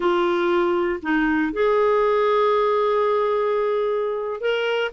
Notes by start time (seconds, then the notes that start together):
0.00 F4
1.02 D#4
1.52 G#4
4.40 A#4